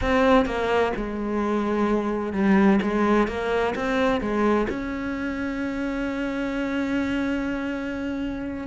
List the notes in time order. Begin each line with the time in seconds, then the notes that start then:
0.01 C4
0.45 A#3
0.96 G#3
2.32 G3
2.81 G#3
3.27 A#3
3.75 C4
4.20 G#3
4.69 C#4